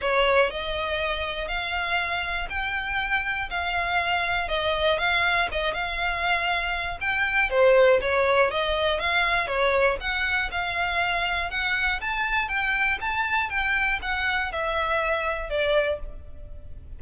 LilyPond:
\new Staff \with { instrumentName = "violin" } { \time 4/4 \tempo 4 = 120 cis''4 dis''2 f''4~ | f''4 g''2 f''4~ | f''4 dis''4 f''4 dis''8 f''8~ | f''2 g''4 c''4 |
cis''4 dis''4 f''4 cis''4 | fis''4 f''2 fis''4 | a''4 g''4 a''4 g''4 | fis''4 e''2 d''4 | }